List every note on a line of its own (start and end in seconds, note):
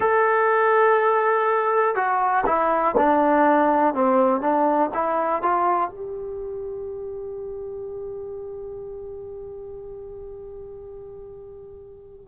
0.00 1.94 A4
1.94 2.44 F#4
2.46 2.95 E4
2.97 3.93 D4
3.93 4.40 C4
4.40 4.90 D4
4.94 5.42 E4
5.42 5.89 F4
5.89 12.28 G4